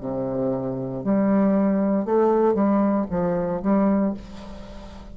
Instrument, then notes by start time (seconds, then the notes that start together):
bassoon
0.00 C3
1.03 G3
2.05 A3
2.54 G3
3.10 F3
3.62 G3